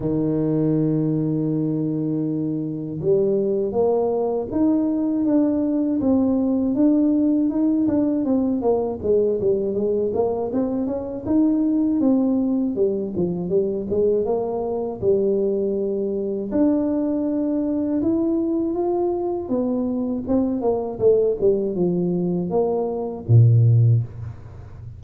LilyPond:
\new Staff \with { instrumentName = "tuba" } { \time 4/4 \tempo 4 = 80 dis1 | g4 ais4 dis'4 d'4 | c'4 d'4 dis'8 d'8 c'8 ais8 | gis8 g8 gis8 ais8 c'8 cis'8 dis'4 |
c'4 g8 f8 g8 gis8 ais4 | g2 d'2 | e'4 f'4 b4 c'8 ais8 | a8 g8 f4 ais4 ais,4 | }